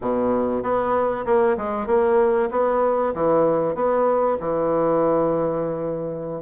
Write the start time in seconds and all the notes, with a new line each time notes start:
0.01 B2
0.62 B3
1.25 A#3
1.57 G#3
1.86 A#3
2.51 B3
3.14 E3
3.74 B3
4.39 E3